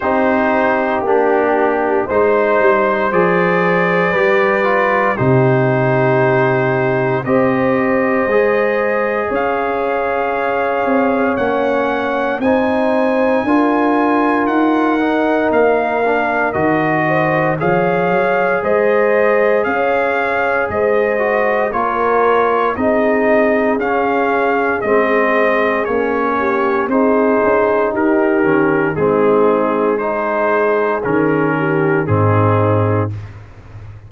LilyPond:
<<
  \new Staff \with { instrumentName = "trumpet" } { \time 4/4 \tempo 4 = 58 c''4 g'4 c''4 d''4~ | d''4 c''2 dis''4~ | dis''4 f''2 fis''4 | gis''2 fis''4 f''4 |
dis''4 f''4 dis''4 f''4 | dis''4 cis''4 dis''4 f''4 | dis''4 cis''4 c''4 ais'4 | gis'4 c''4 ais'4 gis'4 | }
  \new Staff \with { instrumentName = "horn" } { \time 4/4 g'2 c''2 | b'4 g'2 c''4~ | c''4 cis''2. | c''4 ais'2.~ |
ais'8 c''8 cis''4 c''4 cis''4 | c''4 ais'4 gis'2~ | gis'4. g'8 gis'4 g'4 | dis'4 gis'4. g'8 dis'4 | }
  \new Staff \with { instrumentName = "trombone" } { \time 4/4 dis'4 d'4 dis'4 gis'4 | g'8 f'8 dis'2 g'4 | gis'2. cis'4 | dis'4 f'4. dis'4 d'8 |
fis'4 gis'2.~ | gis'8 fis'8 f'4 dis'4 cis'4 | c'4 cis'4 dis'4. cis'8 | c'4 dis'4 cis'4 c'4 | }
  \new Staff \with { instrumentName = "tuba" } { \time 4/4 c'4 ais4 gis8 g8 f4 | g4 c2 c'4 | gis4 cis'4. c'8 ais4 | c'4 d'4 dis'4 ais4 |
dis4 f8 fis8 gis4 cis'4 | gis4 ais4 c'4 cis'4 | gis4 ais4 c'8 cis'8 dis'8 dis8 | gis2 dis4 gis,4 | }
>>